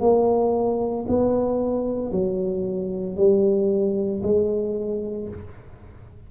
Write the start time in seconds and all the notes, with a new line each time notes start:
0.00 A#3
1.08 B3
2.11 F#3
3.17 G3
4.23 G#3